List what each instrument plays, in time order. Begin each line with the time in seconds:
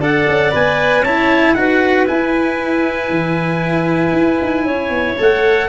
0.00 tuba D4, cello A4, clarinet D5, trumpet F#5
0.28 tuba C#4
0.52 tuba B3, cello B4, trumpet G#5
1.02 tuba C#4, cello E4, clarinet C#5, trumpet A5
1.55 tuba D#4, cello F#4, clarinet B4, trumpet F#5
2.07 cello E4, tuba E4, trumpet G#5
3.10 tuba E3
4.12 tuba E4
4.42 tuba D#4
4.65 tuba C#4, clarinet C#5
4.90 tuba B3
5.18 tuba A3, cello A4, trumpet F#5